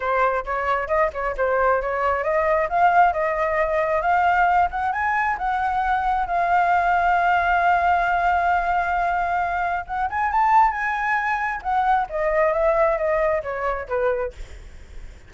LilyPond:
\new Staff \with { instrumentName = "flute" } { \time 4/4 \tempo 4 = 134 c''4 cis''4 dis''8 cis''8 c''4 | cis''4 dis''4 f''4 dis''4~ | dis''4 f''4. fis''8 gis''4 | fis''2 f''2~ |
f''1~ | f''2 fis''8 gis''8 a''4 | gis''2 fis''4 dis''4 | e''4 dis''4 cis''4 b'4 | }